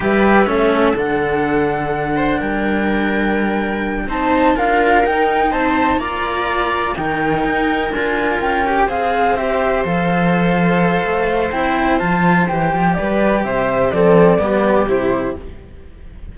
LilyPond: <<
  \new Staff \with { instrumentName = "flute" } { \time 4/4 \tempo 4 = 125 e''2 fis''2~ | fis''4 g''2.~ | g''8 a''4 f''4 g''4 a''8~ | a''8 ais''2 g''4.~ |
g''8 gis''4 g''4 f''4 e''8~ | e''8 f''2.~ f''8 | g''4 a''4 g''4 d''4 | e''4 d''2 c''4 | }
  \new Staff \with { instrumentName = "viola" } { \time 4/4 b'4 a'2.~ | a'8 c''8 ais'2.~ | ais'8 c''4 ais'2 c''8~ | c''8 d''2 ais'4.~ |
ais'2~ ais'8 c''4.~ | c''1~ | c''2. b'4 | c''4 a'4 g'2 | }
  \new Staff \with { instrumentName = "cello" } { \time 4/4 g'4 cis'4 d'2~ | d'1~ | d'8 dis'4 f'4 dis'4.~ | dis'8 f'2 dis'4.~ |
dis'8 f'4. g'8 gis'4 g'8~ | g'8 a'2.~ a'8 | e'4 f'4 g'2~ | g'4 c'4 b4 e'4 | }
  \new Staff \with { instrumentName = "cello" } { \time 4/4 g4 a4 d2~ | d4 g2.~ | g8 c'4 d'4 dis'4 c'8~ | c'8 ais2 dis4 dis'8~ |
dis'8 d'4 cis'4 c'4.~ | c'8 f2~ f8 a4 | c'4 f4 e8 f8 g4 | c4 f4 g4 c4 | }
>>